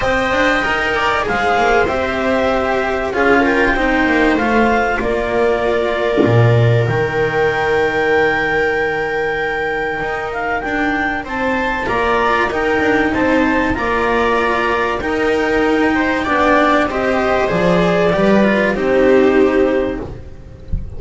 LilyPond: <<
  \new Staff \with { instrumentName = "clarinet" } { \time 4/4 \tempo 4 = 96 g''2 f''4 e''4~ | e''4 f''8 g''4. f''4 | d''2. g''4~ | g''1~ |
g''8 f''8 g''4 a''4 ais''4 | g''4 a''4 ais''2 | g''2. dis''4 | d''2 c''2 | }
  \new Staff \with { instrumentName = "viola" } { \time 4/4 dis''4. d''8 c''2~ | c''4 gis'8 ais'8 c''2 | ais'1~ | ais'1~ |
ais'2 c''4 d''4 | ais'4 c''4 d''2 | ais'4. c''8 d''4 c''4~ | c''4 b'4 g'2 | }
  \new Staff \with { instrumentName = "cello" } { \time 4/4 c''4 ais'4 gis'4 g'4~ | g'4 f'4 dis'4 f'4~ | f'2. dis'4~ | dis'1~ |
dis'2. f'4 | dis'2 f'2 | dis'2 d'4 g'4 | gis'4 g'8 f'8 dis'2 | }
  \new Staff \with { instrumentName = "double bass" } { \time 4/4 c'8 d'8 dis'4 gis8 ais8 c'4~ | c'4 cis'4 c'8 ais8 a4 | ais2 ais,4 dis4~ | dis1 |
dis'4 d'4 c'4 ais4 | dis'8 d'8 c'4 ais2 | dis'2 b4 c'4 | f4 g4 c'2 | }
>>